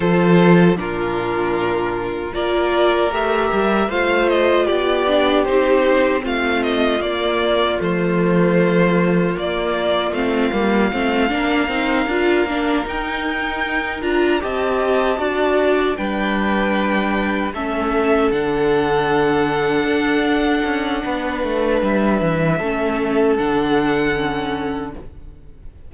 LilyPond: <<
  \new Staff \with { instrumentName = "violin" } { \time 4/4 \tempo 4 = 77 c''4 ais'2 d''4 | e''4 f''8 dis''8 d''4 c''4 | f''8 dis''8 d''4 c''2 | d''4 f''2.~ |
f''8 g''4. ais''8 a''4.~ | a''8 g''2 e''4 fis''8~ | fis''1 | e''2 fis''2 | }
  \new Staff \with { instrumentName = "violin" } { \time 4/4 a'4 f'2 ais'4~ | ais'4 c''4 g'2 | f'1~ | f'2~ f'8 ais'4.~ |
ais'2~ ais'8 dis''4 d''8~ | d''8 b'2 a'4.~ | a'2. b'4~ | b'4 a'2. | }
  \new Staff \with { instrumentName = "viola" } { \time 4/4 f'4 d'2 f'4 | g'4 f'4. d'8 dis'4 | c'4 ais4 a2 | ais4 c'8 ais8 c'8 d'8 dis'8 f'8 |
d'8 dis'4. f'8 g'4 fis'8~ | fis'8 d'2 cis'4 d'8~ | d'1~ | d'4 cis'4 d'4 cis'4 | }
  \new Staff \with { instrumentName = "cello" } { \time 4/4 f4 ais,2 ais4 | a8 g8 a4 b4 c'4 | a4 ais4 f2 | ais4 a8 g8 a8 ais8 c'8 d'8 |
ais8 dis'4. d'8 c'4 d'8~ | d'8 g2 a4 d8~ | d4. d'4 cis'8 b8 a8 | g8 e8 a4 d2 | }
>>